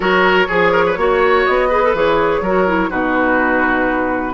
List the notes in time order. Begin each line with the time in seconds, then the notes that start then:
0.00 F#3 F#4 A#4 C#5
0.47 F3 G#4
0.71 A#4
0.85 B4
0.97 A#3 F#4 C#5
1.45 B3 D#5
1.68 G#4 B4
1.83 A4
1.94 E3 G#4 C#5
2.40 F#3 F#4 A#4
2.67 E4
2.89 B2 D#4 F#4 B4